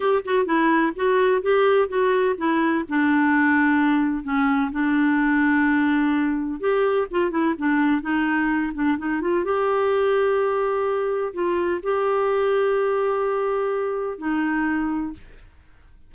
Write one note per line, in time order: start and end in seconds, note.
0.00 0.22 G4
0.24 0.45 F#4
0.45 0.93 E4
0.95 1.42 F#4
1.42 1.88 G4
1.88 2.35 F#4
2.37 2.85 E4
2.88 4.23 D4
4.23 4.71 C#4
4.71 6.59 D4
6.59 7.07 G4
7.11 7.30 F4
7.30 7.54 E4
7.58 8.01 D4
8.01 8.72 D#4
8.74 8.97 D4
8.98 9.21 D#4
9.21 9.44 F4
9.44 11.33 G4
11.33 11.80 F4
11.82 14.18 G4
14.18 15.12 D#4